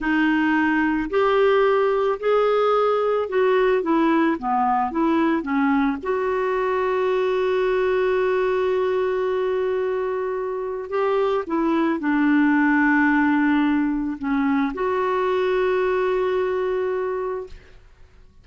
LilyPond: \new Staff \with { instrumentName = "clarinet" } { \time 4/4 \tempo 4 = 110 dis'2 g'2 | gis'2 fis'4 e'4 | b4 e'4 cis'4 fis'4~ | fis'1~ |
fis'1 | g'4 e'4 d'2~ | d'2 cis'4 fis'4~ | fis'1 | }